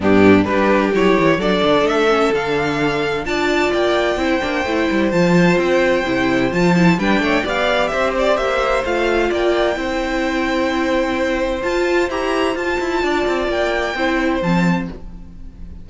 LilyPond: <<
  \new Staff \with { instrumentName = "violin" } { \time 4/4 \tempo 4 = 129 g'4 b'4 cis''4 d''4 | e''4 f''2 a''4 | g''2. a''4 | g''2 a''4 g''4 |
f''4 e''8 d''8 e''4 f''4 | g''1~ | g''4 a''4 ais''4 a''4~ | a''4 g''2 a''4 | }
  \new Staff \with { instrumentName = "violin" } { \time 4/4 d'4 g'2 a'4~ | a'2. d''4~ | d''4 c''2.~ | c''2. b'8 cis''8 |
d''4 c''2. | d''4 c''2.~ | c''1 | d''2 c''2 | }
  \new Staff \with { instrumentName = "viola" } { \time 4/4 b4 d'4 e'4 d'4~ | d'8 cis'8 d'2 f'4~ | f'4 e'8 d'8 e'4 f'4~ | f'4 e'4 f'8 e'8 d'4 |
g'2. f'4~ | f'4 e'2.~ | e'4 f'4 g'4 f'4~ | f'2 e'4 c'4 | }
  \new Staff \with { instrumentName = "cello" } { \time 4/4 g,4 g4 fis8 e8 fis8 d8 | a4 d2 d'4 | ais4 c'8 ais8 a8 g8 f4 | c'4 c4 f4 g8 a8 |
b4 c'4 ais4 a4 | ais4 c'2.~ | c'4 f'4 e'4 f'8 e'8 | d'8 c'8 ais4 c'4 f4 | }
>>